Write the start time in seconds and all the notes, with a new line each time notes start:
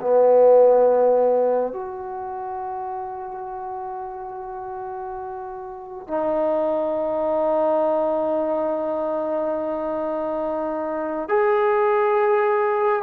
0.00 B3
1.72 F#4
6.07 D#4
11.28 G#4